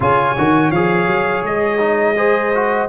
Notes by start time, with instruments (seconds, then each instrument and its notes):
0.00 tuba C#3, trombone F4, horn C#5, trumpet G#5
0.37 tuba D#3, trombone F#4
0.71 tuba F3, trombone G#4, trumpet F5
1.06 tuba F#3
1.43 tuba G#3, trumpet D#5
1.78 trombone D#4
2.16 trombone G#4, horn C5
2.54 trombone F#4